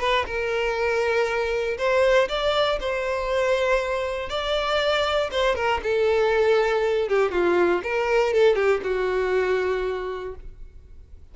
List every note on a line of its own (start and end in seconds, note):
0.00 0.25 B4
0.26 1.77 A#4
1.78 2.28 C5
2.28 2.79 D5
2.80 4.29 C5
4.29 5.30 D5
5.31 5.56 C5
5.56 5.81 A#4
5.83 7.08 A4
7.08 7.31 G4
7.31 7.82 F4
7.84 8.33 A#4
8.33 8.56 A4
8.56 8.81 G4
8.83 10.35 F#4